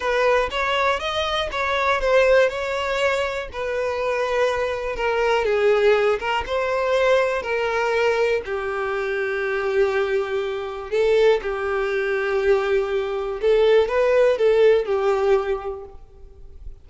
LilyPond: \new Staff \with { instrumentName = "violin" } { \time 4/4 \tempo 4 = 121 b'4 cis''4 dis''4 cis''4 | c''4 cis''2 b'4~ | b'2 ais'4 gis'4~ | gis'8 ais'8 c''2 ais'4~ |
ais'4 g'2.~ | g'2 a'4 g'4~ | g'2. a'4 | b'4 a'4 g'2 | }